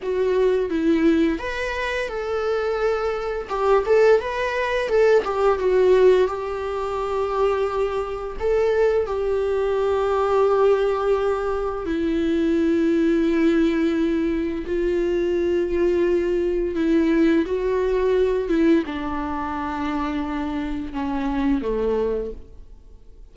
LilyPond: \new Staff \with { instrumentName = "viola" } { \time 4/4 \tempo 4 = 86 fis'4 e'4 b'4 a'4~ | a'4 g'8 a'8 b'4 a'8 g'8 | fis'4 g'2. | a'4 g'2.~ |
g'4 e'2.~ | e'4 f'2. | e'4 fis'4. e'8 d'4~ | d'2 cis'4 a4 | }